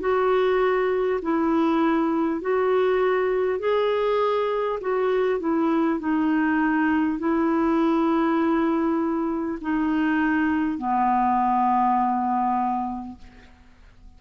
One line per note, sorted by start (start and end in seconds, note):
0.00 1.20 F#4
1.22 2.41 E4
2.41 3.59 F#4
3.59 4.79 G#4
4.80 5.39 F#4
5.39 5.99 E4
5.99 7.18 D#4
7.18 9.58 E4
9.61 10.77 D#4
10.77 13.17 B3